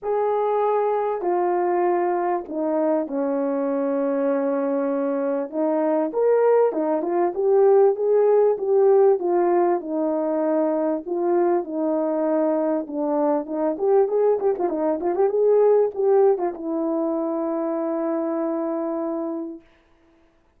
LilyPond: \new Staff \with { instrumentName = "horn" } { \time 4/4 \tempo 4 = 98 gis'2 f'2 | dis'4 cis'2.~ | cis'4 dis'4 ais'4 dis'8 f'8 | g'4 gis'4 g'4 f'4 |
dis'2 f'4 dis'4~ | dis'4 d'4 dis'8 g'8 gis'8 g'16 f'16 | dis'8 f'16 g'16 gis'4 g'8. f'16 e'4~ | e'1 | }